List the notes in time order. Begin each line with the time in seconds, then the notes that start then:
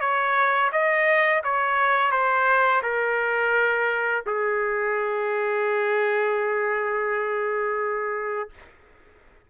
0.00 C#5
0.72 D#5
1.44 C#5
2.11 C5
2.82 A#4
4.26 G#4